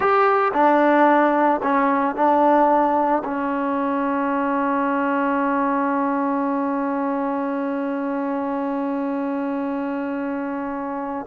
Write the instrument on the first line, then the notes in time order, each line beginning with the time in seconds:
trombone
0.00 G4
0.53 D4
1.62 C#4
2.15 D4
3.24 C#4